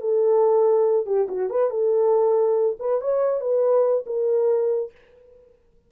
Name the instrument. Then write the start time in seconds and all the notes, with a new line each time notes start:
horn
0.00 A4
1.06 G4
1.28 F#4
1.50 B4
1.70 A4
2.79 B4
3.01 C#5
3.40 B4
4.06 A#4